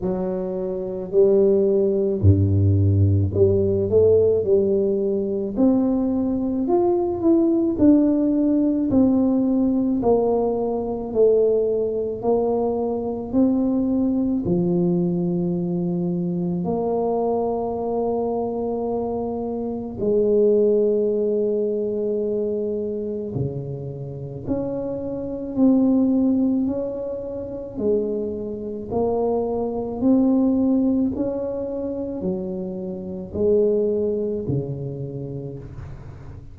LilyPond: \new Staff \with { instrumentName = "tuba" } { \time 4/4 \tempo 4 = 54 fis4 g4 g,4 g8 a8 | g4 c'4 f'8 e'8 d'4 | c'4 ais4 a4 ais4 | c'4 f2 ais4~ |
ais2 gis2~ | gis4 cis4 cis'4 c'4 | cis'4 gis4 ais4 c'4 | cis'4 fis4 gis4 cis4 | }